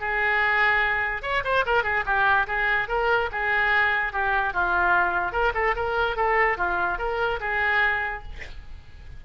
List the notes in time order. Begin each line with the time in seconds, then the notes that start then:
0.00 G#4
1.23 C#5
1.44 C5
1.66 A#4
1.84 G#4
2.06 G4
2.47 G#4
2.89 A#4
3.32 G#4
4.13 G4
4.54 F4
5.33 A#4
5.55 A4
5.76 A#4
6.17 A4
6.58 F4
6.99 A#4
7.41 G#4